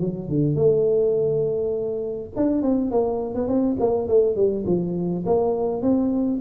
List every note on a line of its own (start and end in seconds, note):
0.00 0.29 F#3
0.29 0.55 D3
0.55 2.30 A3
2.36 2.62 D4
2.62 2.91 C4
2.91 3.34 A#3
3.34 3.47 B3
3.47 3.77 C4
3.80 4.08 A#3
4.08 4.36 A3
4.36 4.65 G3
4.66 5.24 F3
5.26 5.82 A#3
5.82 6.40 C4